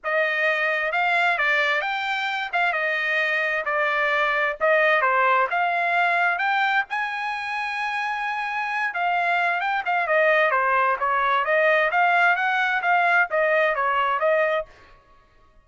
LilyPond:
\new Staff \with { instrumentName = "trumpet" } { \time 4/4 \tempo 4 = 131 dis''2 f''4 d''4 | g''4. f''8 dis''2 | d''2 dis''4 c''4 | f''2 g''4 gis''4~ |
gis''2.~ gis''8 f''8~ | f''4 g''8 f''8 dis''4 c''4 | cis''4 dis''4 f''4 fis''4 | f''4 dis''4 cis''4 dis''4 | }